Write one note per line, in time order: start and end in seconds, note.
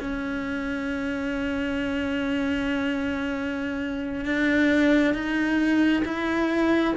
0.00 4.25 C#4
4.25 5.14 D4
5.14 6.03 D#4
6.04 6.94 E4